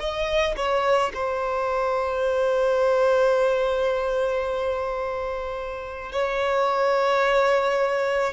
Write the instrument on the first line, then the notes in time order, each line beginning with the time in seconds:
violin
0.00 D#5
0.57 C#5
1.14 C5
6.12 C#5